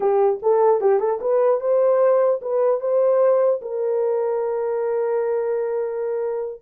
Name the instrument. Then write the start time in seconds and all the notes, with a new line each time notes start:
horn
0.00 G4
0.42 A4
0.80 G4
0.99 A4
1.21 B4
1.60 C5
2.41 B4
2.80 C5
3.61 A#4